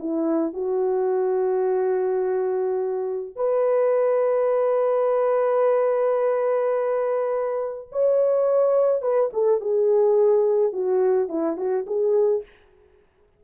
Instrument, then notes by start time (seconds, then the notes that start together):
horn
0.00 E4
0.54 F#4
3.36 B4
7.92 C#5
9.02 B4
9.33 A4
9.61 G#4
10.73 F#4
11.29 E4
11.58 F#4
11.87 G#4